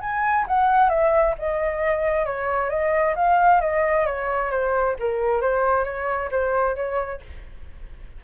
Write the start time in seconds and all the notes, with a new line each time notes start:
0.00 G#5
0.47 F#5
0.89 E5
1.38 D#5
2.25 C#5
2.69 D#5
3.15 F5
3.60 D#5
4.05 C#5
4.51 C5
4.99 A#4
5.41 C5
5.84 C#5
6.31 C5
6.75 C#5